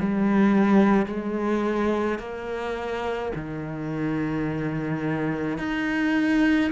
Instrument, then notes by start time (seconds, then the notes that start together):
cello
0.00 G3
1.06 G#3
2.19 A#3
3.36 D#3
5.58 D#4